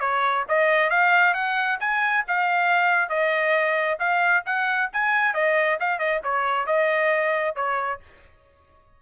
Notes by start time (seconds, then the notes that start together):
0.00 C#5
0.48 D#5
0.90 F5
1.34 F#5
1.80 G#5
2.28 F5
3.09 D#5
3.99 F5
4.46 F#5
4.93 G#5
5.34 D#5
5.80 F5
5.99 D#5
6.24 C#5
6.67 D#5
7.56 C#5